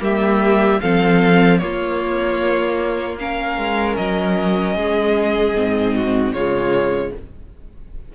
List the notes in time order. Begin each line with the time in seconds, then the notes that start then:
0.00 G3 A#3 G4 E5
0.81 F3 C4 A4 F5
1.58 A#3 F4 C#5
3.19 C#4 A#4 F5
3.58 G#3
3.97 F#3 D#5
4.75 G#3 G#4
5.54 G#2 C4
5.95 F#4
6.32 C#3 G#3 F4 C#5